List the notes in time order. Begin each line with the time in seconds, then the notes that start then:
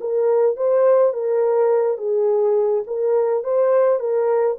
0.00 A#4
0.56 C5
1.13 A#4
1.97 G#4
2.86 A#4
3.43 C5
3.99 A#4